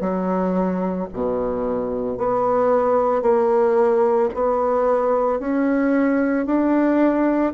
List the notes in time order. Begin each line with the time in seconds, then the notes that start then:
0.00 F#3
1.13 B2
2.17 B3
3.22 A#3
4.34 B3
5.39 C#4
6.46 D4